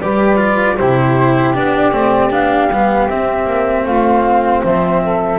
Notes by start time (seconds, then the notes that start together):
0.00 G3 G4 B4 D5
0.36 F4
0.77 C3 E4 G4 C5
1.54 B3 D4 D5
1.92 A3 C4
2.30 B3 D4 F5
2.69 G3 B3
3.09 C4 E5
3.45 A#3
3.84 A3 F4 F5
4.64 F3 C5 E5
5.03 A4